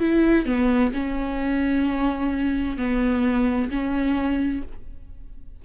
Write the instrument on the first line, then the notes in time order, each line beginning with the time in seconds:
viola
0.00 E4
0.46 B3
0.94 C#4
2.78 B3
3.70 C#4